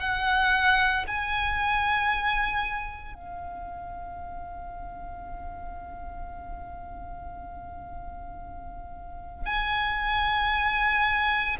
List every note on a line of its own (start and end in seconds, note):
0.00 1.05 F#5
1.08 3.15 G#5
3.15 9.46 F5
9.46 11.56 G#5